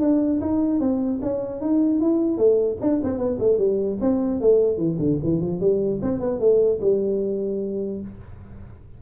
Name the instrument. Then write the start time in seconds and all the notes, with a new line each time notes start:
tuba
0.00 D4
0.41 D#4
0.80 C4
1.22 C#4
1.61 D#4
2.00 E4
2.37 A3
2.81 D4
3.03 C4
3.18 B3
3.39 A3
3.58 G3
4.01 C4
4.41 A3
4.77 E3
4.99 D3
5.23 E3
5.41 F3
5.60 G3
6.02 C4
6.20 B3
6.39 A3
6.81 G3